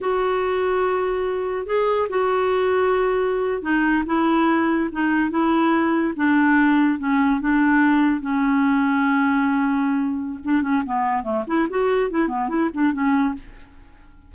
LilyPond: \new Staff \with { instrumentName = "clarinet" } { \time 4/4 \tempo 4 = 144 fis'1 | gis'4 fis'2.~ | fis'8. dis'4 e'2 dis'16~ | dis'8. e'2 d'4~ d'16~ |
d'8. cis'4 d'2 cis'16~ | cis'1~ | cis'4 d'8 cis'8 b4 a8 e'8 | fis'4 e'8 b8 e'8 d'8 cis'4 | }